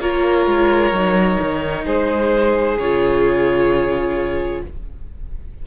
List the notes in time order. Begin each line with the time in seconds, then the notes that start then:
0.00 A#3 F4 A#4 C#5
0.46 G#3
0.91 F#3 D#4
1.41 D#3
1.84 G#3 G#4 C5
2.77 C#3 F4 C#5